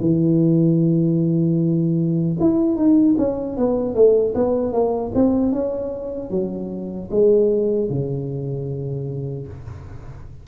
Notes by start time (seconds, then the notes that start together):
0.00 E3
2.40 E4
2.76 D#4
3.18 C#4
3.57 B3
3.94 A3
4.35 B3
4.73 A#3
5.15 C4
5.52 C#4
6.30 F#3
7.11 G#3
7.89 C#3